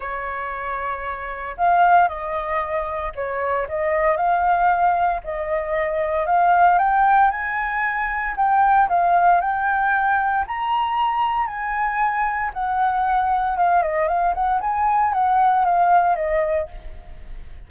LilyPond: \new Staff \with { instrumentName = "flute" } { \time 4/4 \tempo 4 = 115 cis''2. f''4 | dis''2 cis''4 dis''4 | f''2 dis''2 | f''4 g''4 gis''2 |
g''4 f''4 g''2 | ais''2 gis''2 | fis''2 f''8 dis''8 f''8 fis''8 | gis''4 fis''4 f''4 dis''4 | }